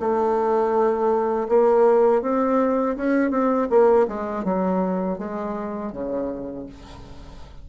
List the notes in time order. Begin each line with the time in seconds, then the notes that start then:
0.00 A3
1.49 A#3
2.22 C4
2.97 C#4
3.31 C4
3.70 A#3
4.08 G#3
4.44 F#3
5.19 G#3
5.93 C#3